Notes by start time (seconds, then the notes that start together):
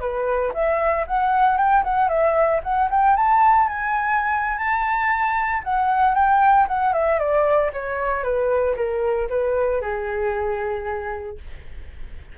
0.00 B4
0.54 E5
1.07 F#5
1.57 G5
1.84 F#5
2.08 E5
2.63 F#5
2.90 G5
3.16 A5
3.68 G#5
4.58 A5
5.64 F#5
6.14 G5
6.68 F#5
6.93 E5
7.19 D5
7.73 C#5
8.23 B4
8.76 A#4
9.29 B4
9.81 G#4